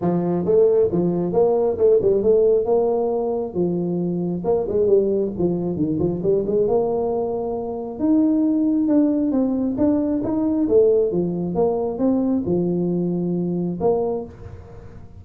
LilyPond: \new Staff \with { instrumentName = "tuba" } { \time 4/4 \tempo 4 = 135 f4 a4 f4 ais4 | a8 g8 a4 ais2 | f2 ais8 gis8 g4 | f4 dis8 f8 g8 gis8 ais4~ |
ais2 dis'2 | d'4 c'4 d'4 dis'4 | a4 f4 ais4 c'4 | f2. ais4 | }